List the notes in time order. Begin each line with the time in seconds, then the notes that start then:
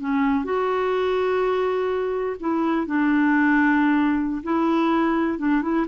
0.00 C#4
0.45 F#4
2.40 E4
2.86 D4
4.44 E4
5.39 D4
5.62 E4